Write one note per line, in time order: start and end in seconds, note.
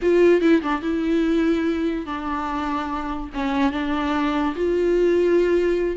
0.02 0.41 F4
0.41 0.61 E4
0.62 0.81 D4
0.81 2.05 E4
2.06 3.30 D4
3.34 3.72 C#4
3.72 4.54 D4
4.55 5.96 F4